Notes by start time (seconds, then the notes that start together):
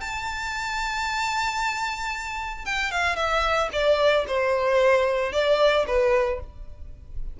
0.00 A5
2.65 G5
2.91 F5
3.16 E5
3.72 D5
4.27 C5
5.32 D5
5.87 B4